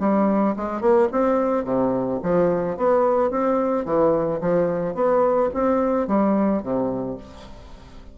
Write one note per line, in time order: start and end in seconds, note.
0.00 0.55 G3
0.56 0.81 G#3
0.81 1.09 A#3
1.12 1.65 C4
1.65 2.20 C3
2.23 2.77 F3
2.77 3.31 B3
3.31 3.85 C4
3.85 4.40 E3
4.41 4.95 F3
4.95 5.50 B3
5.54 6.08 C4
6.08 6.63 G3
6.63 7.18 C3